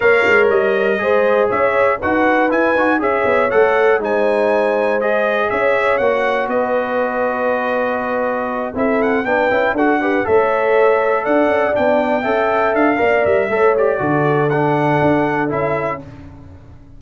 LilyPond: <<
  \new Staff \with { instrumentName = "trumpet" } { \time 4/4 \tempo 4 = 120 f''4 dis''2 e''4 | fis''4 gis''4 e''4 fis''4 | gis''2 dis''4 e''4 | fis''4 dis''2.~ |
dis''4. e''8 fis''8 g''4 fis''8~ | fis''8 e''2 fis''4 g''8~ | g''4. f''4 e''4 d''8~ | d''4 fis''2 e''4 | }
  \new Staff \with { instrumentName = "horn" } { \time 4/4 cis''2 c''4 cis''4 | b'2 cis''2 | c''2. cis''4~ | cis''4 b'2.~ |
b'4. a'4 b'4 a'8 | b'8 cis''2 d''4.~ | d''8 e''4. d''4 cis''4 | a'1 | }
  \new Staff \with { instrumentName = "trombone" } { \time 4/4 ais'2 gis'2 | fis'4 e'8 fis'8 gis'4 a'4 | dis'2 gis'2 | fis'1~ |
fis'4. e'4 d'8 e'8 fis'8 | g'8 a'2. d'8~ | d'8 a'4. ais'4 a'8 g'8 | fis'4 d'2 e'4 | }
  \new Staff \with { instrumentName = "tuba" } { \time 4/4 ais8 gis8 g4 gis4 cis'4 | dis'4 e'8 dis'8 cis'8 b8 a4 | gis2. cis'4 | ais4 b2.~ |
b4. c'4 b8 cis'8 d'8~ | d'8 a2 d'8 cis'8 b8~ | b8 cis'4 d'8 ais8 g8 a4 | d2 d'4 cis'4 | }
>>